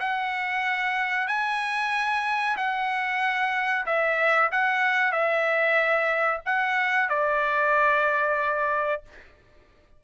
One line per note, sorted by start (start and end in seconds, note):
0.00 1.28 F#5
1.28 2.57 G#5
2.57 3.86 F#5
3.86 4.51 E5
4.52 5.12 F#5
5.12 6.41 E5
6.46 7.10 F#5
7.10 9.03 D5